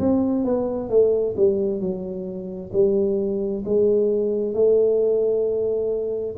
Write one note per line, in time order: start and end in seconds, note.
0.00 0.45 C4
0.45 0.90 B3
0.90 1.35 A3
1.37 1.81 G3
1.81 2.71 F#3
2.73 3.64 G3
3.65 4.54 G#3
4.54 6.36 A3